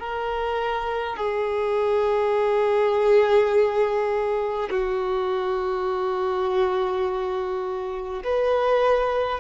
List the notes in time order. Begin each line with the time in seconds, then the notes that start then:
0.00 A#4
1.17 G#4
4.71 F#4
8.24 B4